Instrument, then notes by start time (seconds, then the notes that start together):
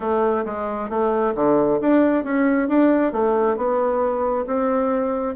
bassoon
0.00 A3
0.45 G#3
0.89 A3
1.35 D3
1.80 D4
2.24 C#4
2.68 D4
3.12 A3
3.57 B3
4.46 C4